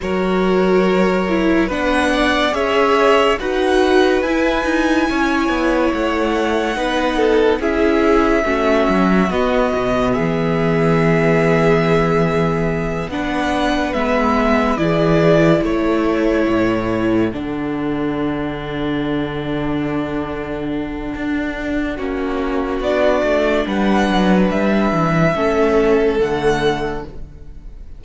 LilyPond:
<<
  \new Staff \with { instrumentName = "violin" } { \time 4/4 \tempo 4 = 71 cis''2 fis''4 e''4 | fis''4 gis''2 fis''4~ | fis''4 e''2 dis''4 | e''2.~ e''8 fis''8~ |
fis''8 e''4 d''4 cis''4.~ | cis''8 fis''2.~ fis''8~ | fis''2. d''4 | fis''4 e''2 fis''4 | }
  \new Staff \with { instrumentName = "violin" } { \time 4/4 ais'2 b'8 d''8 cis''4 | b'2 cis''2 | b'8 a'8 gis'4 fis'2 | gis'2.~ gis'8 b'8~ |
b'4. gis'4 a'4.~ | a'1~ | a'2 fis'2 | b'2 a'2 | }
  \new Staff \with { instrumentName = "viola" } { \time 4/4 fis'4. e'8 d'4 gis'4 | fis'4 e'2. | dis'4 e'4 cis'4 b4~ | b2.~ b8 d'8~ |
d'8 b4 e'2~ e'8~ | e'8 d'2.~ d'8~ | d'2 cis'4 d'4~ | d'2 cis'4 a4 | }
  \new Staff \with { instrumentName = "cello" } { \time 4/4 fis2 b4 cis'4 | dis'4 e'8 dis'8 cis'8 b8 a4 | b4 cis'4 a8 fis8 b8 b,8 | e2.~ e8 b8~ |
b8 gis4 e4 a4 a,8~ | a,8 d2.~ d8~ | d4 d'4 ais4 b8 a8 | g8 fis8 g8 e8 a4 d4 | }
>>